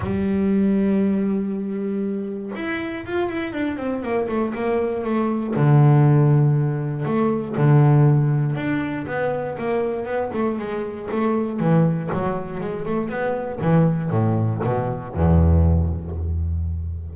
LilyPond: \new Staff \with { instrumentName = "double bass" } { \time 4/4 \tempo 4 = 119 g1~ | g4 e'4 f'8 e'8 d'8 c'8 | ais8 a8 ais4 a4 d4~ | d2 a4 d4~ |
d4 d'4 b4 ais4 | b8 a8 gis4 a4 e4 | fis4 gis8 a8 b4 e4 | a,4 b,4 e,2 | }